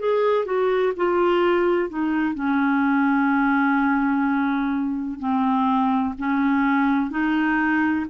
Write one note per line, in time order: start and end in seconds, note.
0.00 0.46 G#4
0.46 0.94 F#4
0.97 1.90 F4
1.90 2.35 D#4
2.35 5.19 C#4
5.19 6.15 C4
6.18 7.11 C#4
7.11 8.06 D#4